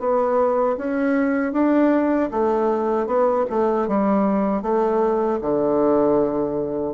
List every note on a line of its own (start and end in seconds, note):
0.00 0.77 B3
0.78 1.53 C#4
1.53 2.30 D4
2.31 3.07 A3
3.07 3.45 B3
3.50 3.88 A3
3.88 4.63 G3
4.63 5.40 A3
5.42 6.94 D3